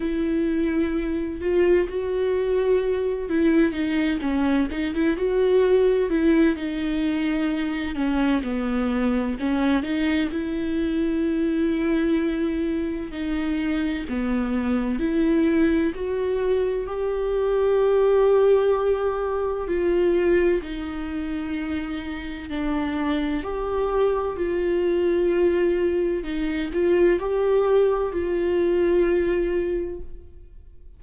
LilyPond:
\new Staff \with { instrumentName = "viola" } { \time 4/4 \tempo 4 = 64 e'4. f'8 fis'4. e'8 | dis'8 cis'8 dis'16 e'16 fis'4 e'8 dis'4~ | dis'8 cis'8 b4 cis'8 dis'8 e'4~ | e'2 dis'4 b4 |
e'4 fis'4 g'2~ | g'4 f'4 dis'2 | d'4 g'4 f'2 | dis'8 f'8 g'4 f'2 | }